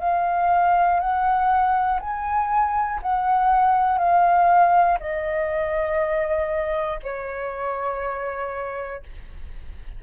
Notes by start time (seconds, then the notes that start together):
0.00 F5
1.00 F#5
2.00 G#5
3.02 F#5
3.99 F5
5.00 D#5
7.03 C#5